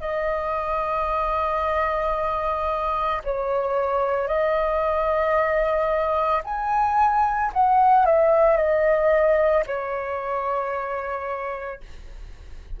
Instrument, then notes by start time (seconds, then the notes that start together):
flute
0.00 D#5
3.23 C#5
4.27 D#5
6.44 G#5
7.53 F#5
8.06 E5
8.57 D#5
9.66 C#5